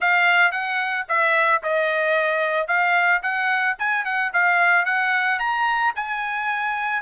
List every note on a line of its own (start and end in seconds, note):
0.00 0.51 F5
0.51 1.05 F#5
1.08 1.62 E5
1.62 2.67 D#5
2.67 3.21 F5
3.22 3.76 F#5
3.78 4.04 G#5
4.04 4.31 F#5
4.33 4.85 F5
4.85 5.39 F#5
5.39 5.93 A#5
5.95 7.02 G#5